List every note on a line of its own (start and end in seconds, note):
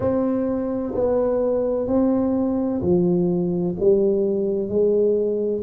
0.00 0.94 C4
0.95 1.87 B3
1.87 2.81 C4
2.81 3.75 F3
3.79 4.69 G3
4.69 5.62 G#3